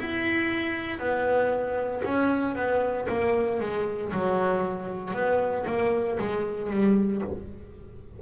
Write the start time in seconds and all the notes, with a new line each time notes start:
0.00 E4
0.99 B3
2.05 C#4
2.56 B3
3.08 A#3
3.60 G#3
4.12 F#3
5.14 B3
5.67 A#3
6.19 G#3
6.70 G3